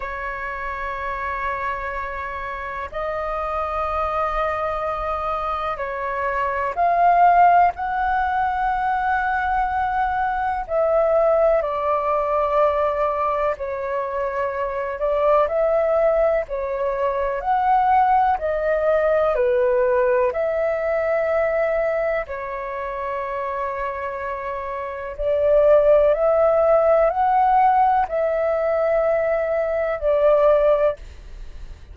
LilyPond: \new Staff \with { instrumentName = "flute" } { \time 4/4 \tempo 4 = 62 cis''2. dis''4~ | dis''2 cis''4 f''4 | fis''2. e''4 | d''2 cis''4. d''8 |
e''4 cis''4 fis''4 dis''4 | b'4 e''2 cis''4~ | cis''2 d''4 e''4 | fis''4 e''2 d''4 | }